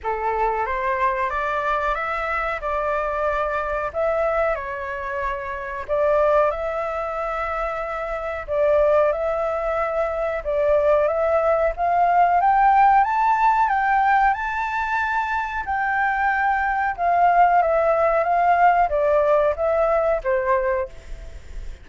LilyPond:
\new Staff \with { instrumentName = "flute" } { \time 4/4 \tempo 4 = 92 a'4 c''4 d''4 e''4 | d''2 e''4 cis''4~ | cis''4 d''4 e''2~ | e''4 d''4 e''2 |
d''4 e''4 f''4 g''4 | a''4 g''4 a''2 | g''2 f''4 e''4 | f''4 d''4 e''4 c''4 | }